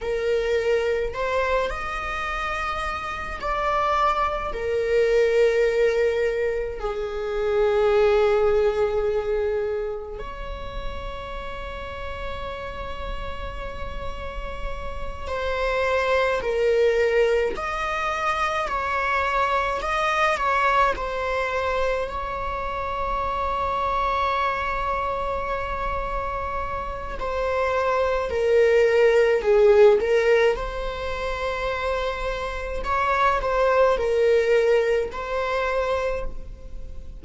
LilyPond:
\new Staff \with { instrumentName = "viola" } { \time 4/4 \tempo 4 = 53 ais'4 c''8 dis''4. d''4 | ais'2 gis'2~ | gis'4 cis''2.~ | cis''4. c''4 ais'4 dis''8~ |
dis''8 cis''4 dis''8 cis''8 c''4 cis''8~ | cis''1 | c''4 ais'4 gis'8 ais'8 c''4~ | c''4 cis''8 c''8 ais'4 c''4 | }